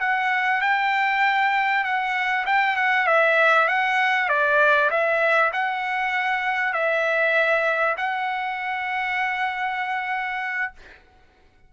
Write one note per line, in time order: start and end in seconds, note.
0.00 0.61 F#5
0.62 1.84 G5
1.84 2.45 F#5
2.46 2.77 G5
2.77 3.07 F#5
3.07 3.68 E5
3.68 4.29 F#5
4.29 4.90 D5
4.90 5.52 E5
5.53 6.73 F#5
6.73 7.96 E5
7.98 10.73 F#5